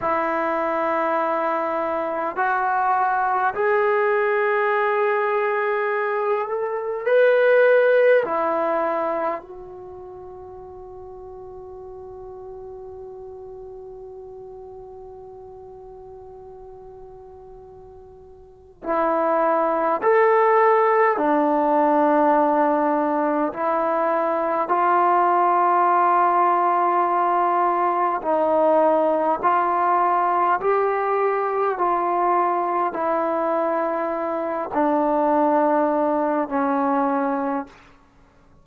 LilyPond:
\new Staff \with { instrumentName = "trombone" } { \time 4/4 \tempo 4 = 51 e'2 fis'4 gis'4~ | gis'4. a'8 b'4 e'4 | fis'1~ | fis'1 |
e'4 a'4 d'2 | e'4 f'2. | dis'4 f'4 g'4 f'4 | e'4. d'4. cis'4 | }